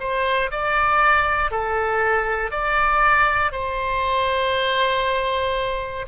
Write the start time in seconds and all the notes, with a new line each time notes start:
0.00 C5
0.51 D5
1.51 A4
2.51 D5
3.52 C5